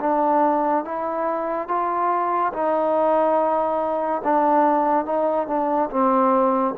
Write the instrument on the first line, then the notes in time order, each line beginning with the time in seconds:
trombone
0.00 D4
0.85 E4
1.68 F4
2.53 D#4
4.24 D4
5.05 D#4
5.47 D4
5.90 C4